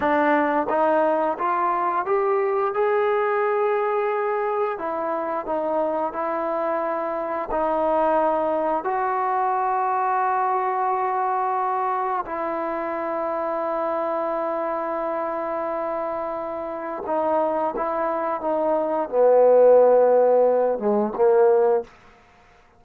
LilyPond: \new Staff \with { instrumentName = "trombone" } { \time 4/4 \tempo 4 = 88 d'4 dis'4 f'4 g'4 | gis'2. e'4 | dis'4 e'2 dis'4~ | dis'4 fis'2.~ |
fis'2 e'2~ | e'1~ | e'4 dis'4 e'4 dis'4 | b2~ b8 gis8 ais4 | }